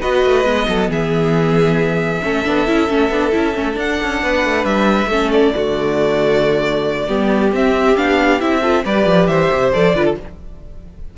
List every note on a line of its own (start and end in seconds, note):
0.00 0.25 B3
0.00 0.44 F#4
0.00 0.66 B4
0.00 0.89 D#5
0.25 0.44 A3
0.44 0.66 G#3
0.44 2.21 B3
0.67 0.88 F#3
0.67 0.90 A4
0.88 2.21 E3
0.88 2.22 G#4
0.88 3.79 E5
2.23 2.45 A3
2.23 2.45 C#4
2.23 4.22 A4
2.45 2.67 B3
2.45 2.66 D4
2.66 2.89 C#4
2.66 2.88 E4
2.88 3.09 A3
2.88 3.10 C#4
3.09 3.31 B3
3.09 3.31 D4
3.31 3.57 C#4
3.31 3.53 E4
3.54 3.76 A3
3.54 3.73 C#4
3.73 5.05 D4
3.73 3.98 D4
3.73 4.65 F#5
4.02 4.22 C#4
4.22 4.44 B3
4.22 5.10 B4
4.44 4.64 A3
4.64 5.06 G3
4.64 5.31 E5
5.06 5.50 A3
5.06 5.54 C#4
5.06 5.54 A4
5.31 7.52 D5
5.54 7.08 D3
5.54 7.07 A3
5.54 7.07 F#4
7.07 7.52 G3
7.07 7.51 B3
7.07 8.61 G4
7.52 7.96 C4
7.52 7.96 E5
7.96 8.41 B3
7.96 8.39 D4
7.96 8.40 F5
8.39 8.85 C4
8.39 8.61 E4
8.39 8.84 E5
8.61 8.84 F4
8.61 8.83 A4
8.85 9.05 G3
8.85 9.73 G4
8.85 9.29 B4
8.85 9.26 D5
9.05 9.27 F3
9.26 9.49 E3
9.26 9.95 C5
9.26 9.71 E5
9.52 9.74 C3
9.73 9.94 F3
9.73 9.95 A4
9.73 10.17 D5
9.94 10.16 D3
9.94 10.17 F4
9.94 10.05 B4
10.05 10.16 A4